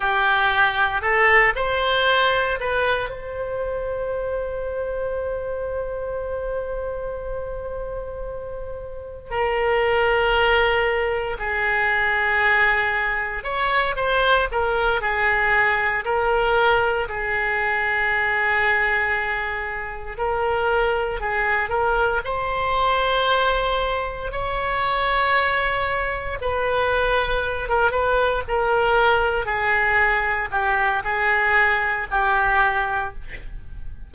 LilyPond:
\new Staff \with { instrumentName = "oboe" } { \time 4/4 \tempo 4 = 58 g'4 a'8 c''4 b'8 c''4~ | c''1~ | c''4 ais'2 gis'4~ | gis'4 cis''8 c''8 ais'8 gis'4 ais'8~ |
ais'8 gis'2. ais'8~ | ais'8 gis'8 ais'8 c''2 cis''8~ | cis''4. b'4~ b'16 ais'16 b'8 ais'8~ | ais'8 gis'4 g'8 gis'4 g'4 | }